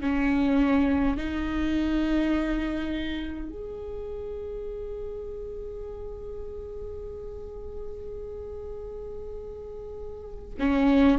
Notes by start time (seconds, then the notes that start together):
0.00 C#4
1.17 D#4
3.49 G#4
10.59 C#4